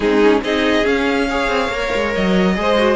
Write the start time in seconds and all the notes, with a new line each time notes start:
0.00 G#3 C4 D#4 G#4
0.21 C#4
0.42 C4 D#4 G#4 D#5
0.83 C#4 F5
1.29 G#4 C#5
1.48 C4
1.68 A#3 A#4
1.94 G#3
2.14 F#3 D#5
2.55 G#3 G#4 C5
2.77 F#4